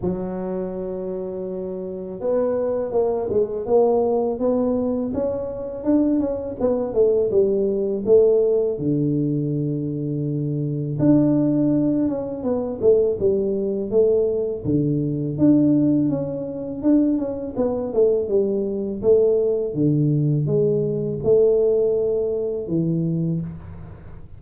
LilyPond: \new Staff \with { instrumentName = "tuba" } { \time 4/4 \tempo 4 = 82 fis2. b4 | ais8 gis8 ais4 b4 cis'4 | d'8 cis'8 b8 a8 g4 a4 | d2. d'4~ |
d'8 cis'8 b8 a8 g4 a4 | d4 d'4 cis'4 d'8 cis'8 | b8 a8 g4 a4 d4 | gis4 a2 e4 | }